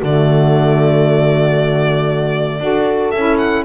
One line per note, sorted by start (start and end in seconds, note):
0.00 2.60 D3
0.00 2.61 A3
0.00 2.61 F#4
0.00 3.11 D5
2.60 3.13 D4
2.60 3.13 F#4
2.60 3.65 A4
3.11 3.65 C#4
3.11 3.65 E4
3.11 3.37 E5
3.38 3.64 F#5